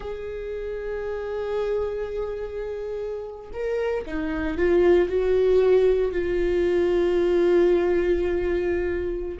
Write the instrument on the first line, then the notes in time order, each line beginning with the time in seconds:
viola
0.00 G#4
3.53 A#4
4.06 D#4
4.57 F4
5.09 F#4
6.12 F4